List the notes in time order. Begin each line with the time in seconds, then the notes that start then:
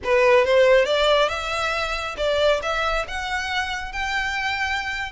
0.03 B4
0.44 C5
0.85 D5
1.28 E5
2.17 D5
2.62 E5
3.07 F#5
3.92 G5